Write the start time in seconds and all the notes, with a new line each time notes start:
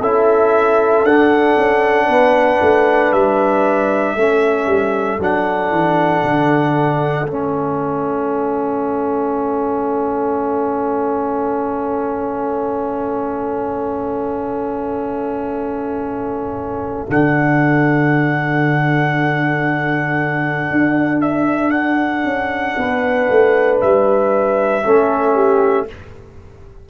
0.00 C#4 E4 A4 E5
1.04 D4 F#5
1.57 C#4
2.07 B3 B4
2.62 A3
3.12 G3 E5
4.16 A3 C#4 A4
4.66 G3
5.19 F#3 D4 F#5
5.71 E3
6.24 D3
7.25 A3 C#4 E5
17.07 D3 D4 F#5
20.71 D4
21.21 E5
21.71 F#5
22.24 C#4
22.77 B3 B4
23.30 A3
23.80 G3 E5
24.84 A3 C#4 A4
25.35 G4